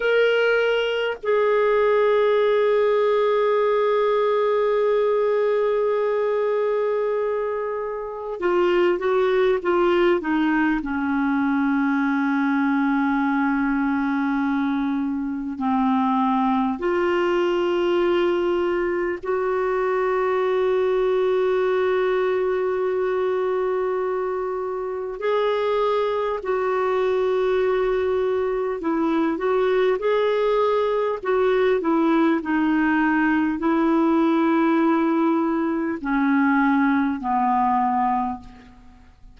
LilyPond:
\new Staff \with { instrumentName = "clarinet" } { \time 4/4 \tempo 4 = 50 ais'4 gis'2.~ | gis'2. f'8 fis'8 | f'8 dis'8 cis'2.~ | cis'4 c'4 f'2 |
fis'1~ | fis'4 gis'4 fis'2 | e'8 fis'8 gis'4 fis'8 e'8 dis'4 | e'2 cis'4 b4 | }